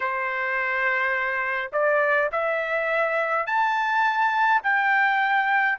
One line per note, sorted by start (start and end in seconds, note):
0.00 1.70 C5
1.72 2.30 D5
2.31 3.46 E5
3.46 4.62 A5
4.63 5.78 G5